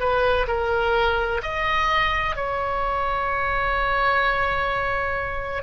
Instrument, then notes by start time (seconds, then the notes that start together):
oboe
0.00 B4
0.48 A#4
1.43 D#5
2.36 C#5